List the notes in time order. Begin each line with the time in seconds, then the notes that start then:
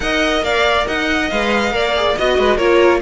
0.00 D#4 A#4 D#5 F#5
0.42 A#3 D5 F5
0.87 D#4 D#5 F#5
1.30 G#3 B4 F5
1.71 A#3 A#4 D5
1.95 G#4
2.17 B3 F#4 D#5
2.38 G#3 B4
2.56 A#3 F4 A#4 C#5